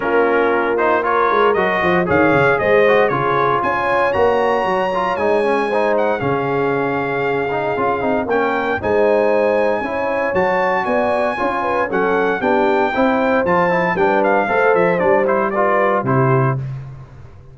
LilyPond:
<<
  \new Staff \with { instrumentName = "trumpet" } { \time 4/4 \tempo 4 = 116 ais'4. c''8 cis''4 dis''4 | f''4 dis''4 cis''4 gis''4 | ais''2 gis''4. fis''8 | f''1 |
g''4 gis''2. | a''4 gis''2 fis''4 | g''2 a''4 g''8 f''8~ | f''8 e''8 d''8 c''8 d''4 c''4 | }
  \new Staff \with { instrumentName = "horn" } { \time 4/4 f'2 ais'4. c''8 | cis''4 c''4 gis'4 cis''4~ | cis''2. c''4 | gis'1 |
ais'4 c''2 cis''4~ | cis''4 d''4 cis''8 b'8 a'4 | g'4 c''2 b'4 | c''2 b'4 g'4 | }
  \new Staff \with { instrumentName = "trombone" } { \time 4/4 cis'4. dis'8 f'4 fis'4 | gis'4. fis'8 f'2 | fis'4. f'8 dis'8 cis'8 dis'4 | cis'2~ cis'8 dis'8 f'8 dis'8 |
cis'4 dis'2 e'4 | fis'2 f'4 cis'4 | d'4 e'4 f'8 e'8 d'4 | a'4 d'8 e'8 f'4 e'4 | }
  \new Staff \with { instrumentName = "tuba" } { \time 4/4 ais2~ ais8 gis8 fis8 f8 | dis8 cis8 gis4 cis4 cis'4 | ais4 fis4 gis2 | cis2. cis'8 c'8 |
ais4 gis2 cis'4 | fis4 b4 cis'4 fis4 | b4 c'4 f4 g4 | a8 f8 g2 c4 | }
>>